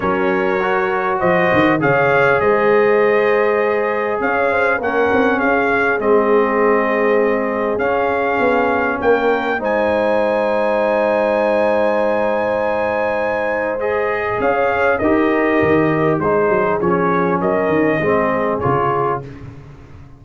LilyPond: <<
  \new Staff \with { instrumentName = "trumpet" } { \time 4/4 \tempo 4 = 100 cis''2 dis''4 f''4 | dis''2. f''4 | fis''4 f''4 dis''2~ | dis''4 f''2 g''4 |
gis''1~ | gis''2. dis''4 | f''4 dis''2 c''4 | cis''4 dis''2 cis''4 | }
  \new Staff \with { instrumentName = "horn" } { \time 4/4 ais'2 c''4 cis''4 | c''2. cis''8 c''8 | ais'4 gis'2.~ | gis'2. ais'4 |
c''1~ | c''1 | cis''4 ais'2 gis'4~ | gis'4 ais'4 gis'2 | }
  \new Staff \with { instrumentName = "trombone" } { \time 4/4 cis'4 fis'2 gis'4~ | gis'1 | cis'2 c'2~ | c'4 cis'2. |
dis'1~ | dis'2. gis'4~ | gis'4 g'2 dis'4 | cis'2 c'4 f'4 | }
  \new Staff \with { instrumentName = "tuba" } { \time 4/4 fis2 f8 dis8 cis4 | gis2. cis'4 | ais8 c'8 cis'4 gis2~ | gis4 cis'4 b4 ais4 |
gis1~ | gis1 | cis'4 dis'4 dis4 gis8 fis8 | f4 fis8 dis8 gis4 cis4 | }
>>